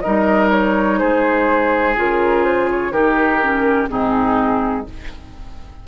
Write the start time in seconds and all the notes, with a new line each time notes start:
0.00 D#4 A#4 D#5
0.06 G3
0.50 C#5
0.98 G#3 G#4 C5
1.95 C#3 F4 A#4
2.44 C5
2.70 C#5
2.91 D#3 D#4 G4 A#4
3.41 C#4
3.88 G#2 C4 D#4 G#4